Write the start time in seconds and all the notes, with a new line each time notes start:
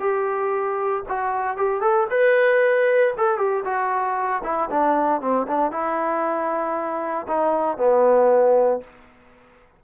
0.00 G4
1.08 F#4
1.57 G4
1.81 A4
2.10 B4
3.17 A4
3.38 G4
3.64 F#4
4.43 E4
4.70 D4
5.21 C4
5.47 D4
5.71 E4
7.28 D#4
7.77 B3